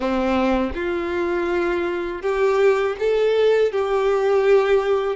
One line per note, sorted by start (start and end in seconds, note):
0.00 0.72 C4
0.74 2.22 F4
2.22 2.96 G4
2.99 3.71 A4
3.71 5.16 G4